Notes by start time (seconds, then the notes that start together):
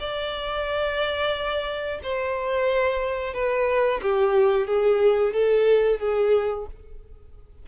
0.00 D5
2.03 C5
3.34 B4
4.02 G4
4.67 G#4
5.34 A4
6.00 G#4